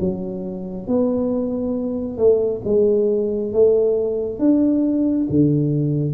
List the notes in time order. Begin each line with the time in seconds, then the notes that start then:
0.00 F#3
0.87 B3
2.18 A3
2.65 G#3
3.53 A3
4.39 D4
5.30 D3